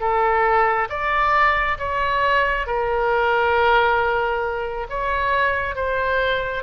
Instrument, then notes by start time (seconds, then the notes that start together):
oboe
0.00 A4
0.90 D5
1.78 C#5
2.66 A#4
4.89 C#5
5.76 C5